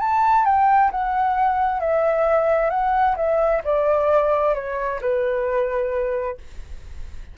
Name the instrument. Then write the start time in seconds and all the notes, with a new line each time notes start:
flute
0.00 A5
0.45 G5
0.92 F#5
1.81 E5
2.70 F#5
3.17 E5
3.64 D5
4.55 C#5
5.02 B4